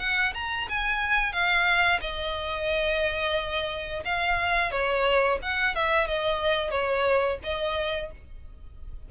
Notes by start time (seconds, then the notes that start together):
0.00 F#5
0.35 A#5
0.69 G#5
1.33 F5
2.01 D#5
4.05 F5
4.72 C#5
5.42 F#5
5.75 E5
6.08 D#5
6.71 C#5
7.44 D#5